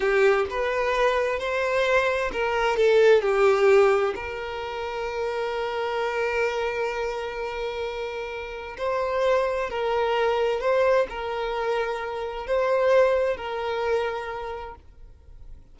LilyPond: \new Staff \with { instrumentName = "violin" } { \time 4/4 \tempo 4 = 130 g'4 b'2 c''4~ | c''4 ais'4 a'4 g'4~ | g'4 ais'2.~ | ais'1~ |
ais'2. c''4~ | c''4 ais'2 c''4 | ais'2. c''4~ | c''4 ais'2. | }